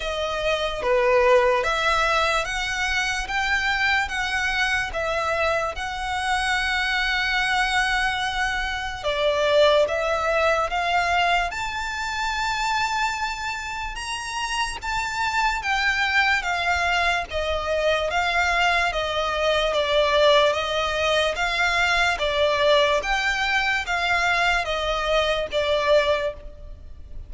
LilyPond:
\new Staff \with { instrumentName = "violin" } { \time 4/4 \tempo 4 = 73 dis''4 b'4 e''4 fis''4 | g''4 fis''4 e''4 fis''4~ | fis''2. d''4 | e''4 f''4 a''2~ |
a''4 ais''4 a''4 g''4 | f''4 dis''4 f''4 dis''4 | d''4 dis''4 f''4 d''4 | g''4 f''4 dis''4 d''4 | }